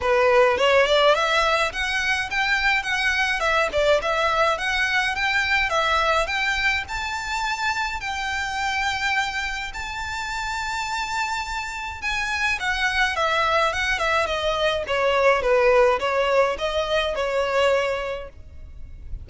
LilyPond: \new Staff \with { instrumentName = "violin" } { \time 4/4 \tempo 4 = 105 b'4 cis''8 d''8 e''4 fis''4 | g''4 fis''4 e''8 d''8 e''4 | fis''4 g''4 e''4 g''4 | a''2 g''2~ |
g''4 a''2.~ | a''4 gis''4 fis''4 e''4 | fis''8 e''8 dis''4 cis''4 b'4 | cis''4 dis''4 cis''2 | }